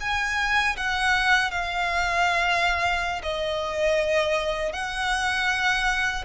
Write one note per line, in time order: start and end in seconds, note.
0.00 0.76 G#5
0.76 1.51 F#5
1.51 3.21 F5
3.22 4.72 D#5
4.72 6.24 F#5